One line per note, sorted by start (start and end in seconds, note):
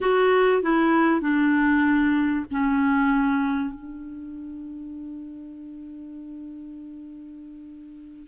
0.00 0.62 F#4
0.62 1.20 E4
1.20 2.45 D4
2.51 3.74 C#4
3.74 8.27 D4